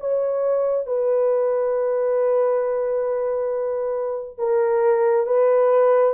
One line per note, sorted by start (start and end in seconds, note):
0.00 0.86 C#5
0.86 4.38 B4
4.38 5.26 A#4
5.26 6.14 B4